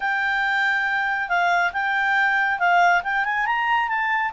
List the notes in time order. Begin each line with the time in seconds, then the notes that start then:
0.00 G5
1.29 F5
1.72 G5
2.59 F5
3.03 G5
3.24 G#5
3.45 A#5
3.88 A5